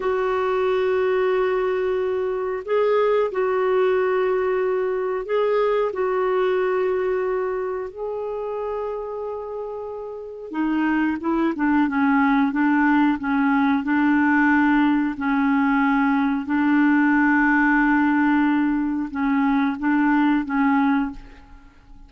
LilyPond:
\new Staff \with { instrumentName = "clarinet" } { \time 4/4 \tempo 4 = 91 fis'1 | gis'4 fis'2. | gis'4 fis'2. | gis'1 |
dis'4 e'8 d'8 cis'4 d'4 | cis'4 d'2 cis'4~ | cis'4 d'2.~ | d'4 cis'4 d'4 cis'4 | }